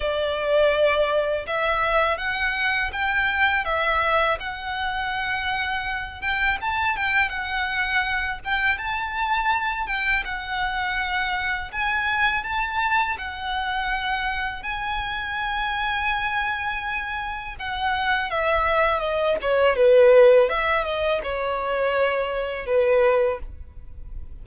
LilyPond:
\new Staff \with { instrumentName = "violin" } { \time 4/4 \tempo 4 = 82 d''2 e''4 fis''4 | g''4 e''4 fis''2~ | fis''8 g''8 a''8 g''8 fis''4. g''8 | a''4. g''8 fis''2 |
gis''4 a''4 fis''2 | gis''1 | fis''4 e''4 dis''8 cis''8 b'4 | e''8 dis''8 cis''2 b'4 | }